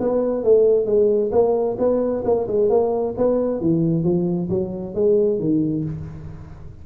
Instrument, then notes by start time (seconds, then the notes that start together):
tuba
0.00 B3
0.44 A3
0.86 G#3
1.32 A#3
1.79 B3
2.25 A#3
2.48 G#3
2.70 A#3
3.17 B3
3.61 E3
4.04 F3
4.49 F#3
4.95 G#3
5.40 D#3